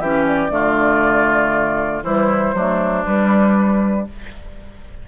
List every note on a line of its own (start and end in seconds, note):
0.00 0.50 E3
0.00 0.50 C#4
0.00 0.51 G4
0.00 0.26 E5
0.27 2.04 D5
0.50 2.03 D3
0.50 2.02 A3
0.50 2.04 F4
2.03 2.54 E3
2.03 2.55 G3
2.03 2.55 E4
2.03 3.05 C5
2.54 3.05 F#3
2.54 3.05 A3
2.54 4.08 D4
3.05 4.06 G3
3.05 4.08 G3
3.05 4.07 B4